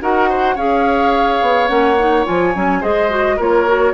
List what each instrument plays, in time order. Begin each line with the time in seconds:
0.00 bassoon D#4, clarinet F#4, oboe A#4, flute F#5
0.29 oboe C5
0.55 bassoon C#4, clarinet G#4, oboe C#5, flute F5
1.41 bassoon B3
1.68 bassoon A#3, clarinet C#4, flute F#5
1.98 clarinet D#4
2.25 bassoon F3, clarinet F4, flute G#5
2.54 bassoon F#3, clarinet C#4
2.80 bassoon G#3, clarinet G#4, oboe C5, flute D#5
3.09 clarinet F#4
3.36 bassoon A#3, clarinet F4, oboe A#4, flute C#5
3.67 clarinet F#4